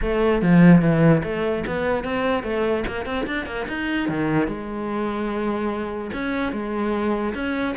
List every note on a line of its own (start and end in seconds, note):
0.01 0.42 A3
0.42 0.81 F3
0.81 1.22 E3
1.23 1.64 A3
1.66 2.04 B3
2.04 2.43 C4
2.43 2.84 A3
2.87 3.05 A#3
3.05 3.26 C4
3.26 3.46 D4
3.46 3.66 A#3
3.67 4.08 D#4
4.08 4.47 D#3
4.47 6.11 G#3
6.13 6.52 C#4
6.52 7.34 G#3
7.34 7.75 C#4